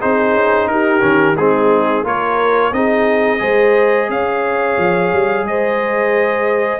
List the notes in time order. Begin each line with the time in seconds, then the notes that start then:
0.00 C4 D#4 G#4 C5
0.33 C#4
0.66 D#4 G4 A#4
1.01 D#3 C#4
1.37 G#3 C4 D#4 G#4
2.03 A#3 F4 A#4 C#5
2.72 C4 D#4 G#4 D#5
3.39 G#3 G#4 C5
4.09 C#4 C#5 F5
4.78 F3
5.13 G3
5.42 G#3 D#5
5.49 C5